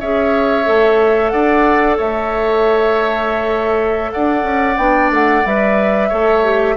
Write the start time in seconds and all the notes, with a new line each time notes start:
0.00 C#4 G#4 C#5 E5
0.64 A3 A4
1.29 D4 D5 F#5
1.97 A3 C#5 E5
4.12 D4 D5 F#5
4.43 C#4
4.77 B3 D4 G5
5.10 A3 F#5
5.45 G3 B4 E5
6.08 A3 A4 C#5
6.44 G4